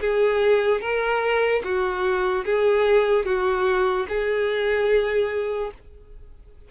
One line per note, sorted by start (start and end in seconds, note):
0.00 0.81 G#4
0.81 1.62 A#4
1.63 2.44 F#4
2.44 3.25 G#4
3.25 4.06 F#4
4.08 5.71 G#4